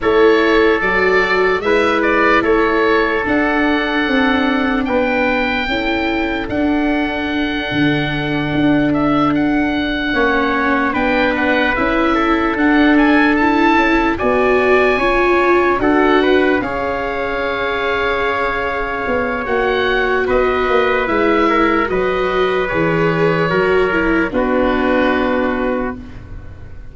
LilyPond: <<
  \new Staff \with { instrumentName = "oboe" } { \time 4/4 \tempo 4 = 74 cis''4 d''4 e''8 d''8 cis''4 | fis''2 g''2 | fis''2. e''8 fis''8~ | fis''4. g''8 fis''8 e''4 fis''8 |
gis''8 a''4 gis''2 fis''8~ | fis''8 f''2.~ f''8 | fis''4 dis''4 e''4 dis''4 | cis''2 b'2 | }
  \new Staff \with { instrumentName = "trumpet" } { \time 4/4 a'2 b'4 a'4~ | a'2 b'4 a'4~ | a'1~ | a'8 cis''4 b'4. a'4~ |
a'4. d''4 cis''4 a'8 | b'8 cis''2.~ cis''8~ | cis''4 b'4. ais'8 b'4~ | b'4 ais'4 fis'2 | }
  \new Staff \with { instrumentName = "viola" } { \time 4/4 e'4 fis'4 e'2 | d'2. e'4 | d'1~ | d'8 cis'4 d'4 e'4 d'8~ |
d'8 e'4 fis'4 f'4 fis'8~ | fis'8 gis'2.~ gis'8 | fis'2 e'4 fis'4 | gis'4 fis'8 e'8 d'2 | }
  \new Staff \with { instrumentName = "tuba" } { \time 4/4 a4 fis4 gis4 a4 | d'4 c'4 b4 cis'4 | d'4. d4 d'4.~ | d'8 ais4 b4 cis'4 d'8~ |
d'4 cis'8 b4 cis'4 d'8~ | d'8 cis'2. b8 | ais4 b8 ais8 gis4 fis4 | e4 fis4 b2 | }
>>